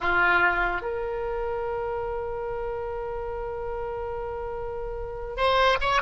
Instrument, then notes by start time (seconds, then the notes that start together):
oboe
0.00 F4
0.81 A#4
5.36 C5
5.80 C#5